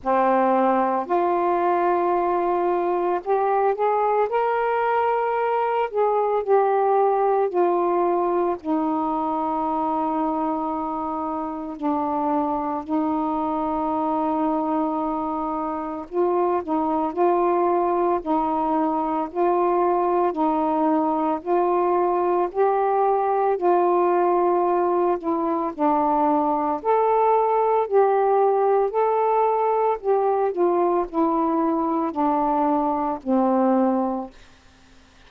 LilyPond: \new Staff \with { instrumentName = "saxophone" } { \time 4/4 \tempo 4 = 56 c'4 f'2 g'8 gis'8 | ais'4. gis'8 g'4 f'4 | dis'2. d'4 | dis'2. f'8 dis'8 |
f'4 dis'4 f'4 dis'4 | f'4 g'4 f'4. e'8 | d'4 a'4 g'4 a'4 | g'8 f'8 e'4 d'4 c'4 | }